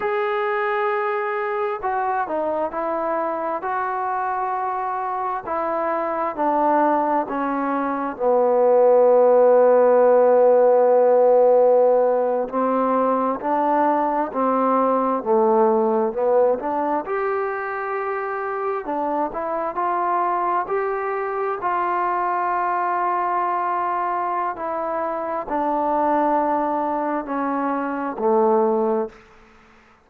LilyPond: \new Staff \with { instrumentName = "trombone" } { \time 4/4 \tempo 4 = 66 gis'2 fis'8 dis'8 e'4 | fis'2 e'4 d'4 | cis'4 b2.~ | b4.~ b16 c'4 d'4 c'16~ |
c'8. a4 b8 d'8 g'4~ g'16~ | g'8. d'8 e'8 f'4 g'4 f'16~ | f'2. e'4 | d'2 cis'4 a4 | }